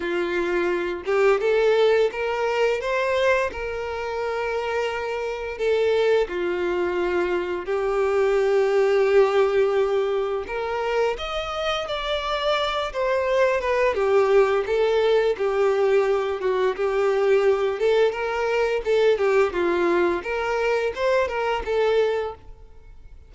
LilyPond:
\new Staff \with { instrumentName = "violin" } { \time 4/4 \tempo 4 = 86 f'4. g'8 a'4 ais'4 | c''4 ais'2. | a'4 f'2 g'4~ | g'2. ais'4 |
dis''4 d''4. c''4 b'8 | g'4 a'4 g'4. fis'8 | g'4. a'8 ais'4 a'8 g'8 | f'4 ais'4 c''8 ais'8 a'4 | }